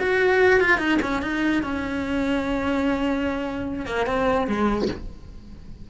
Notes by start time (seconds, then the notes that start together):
0.00 F#4
0.61 F4
0.78 D#4
1.02 C#4
1.23 D#4
1.63 C#4
3.86 A#3
4.07 C4
4.48 G#3